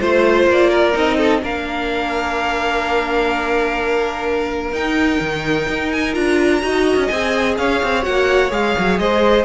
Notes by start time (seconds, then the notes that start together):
0.00 A3 F4 C5
0.47 A#3 D5
0.70 A#4
0.93 C4 D#4 D#5
1.18 A4
1.43 A#3 D4 A#4 F5
4.73 D#4 G5
5.21 D#3
5.69 D#4
5.92 G#5
6.14 D4 F4 A#5
6.62 D#4 F#4 D#5
6.97 C#4
7.08 C4 G#4 G#5
7.58 C#4 C#5 F5
7.83 C4
8.03 A#3 F#4 F#5
8.51 G#3 G#4 F5
8.79 F#3
8.99 G#3 C5 D#5